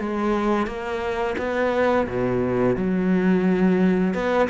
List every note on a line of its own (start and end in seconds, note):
0.00 0.67 G#3
0.67 1.36 A#3
1.39 2.08 B3
2.08 2.76 B2
2.76 4.14 F#3
4.14 4.49 B3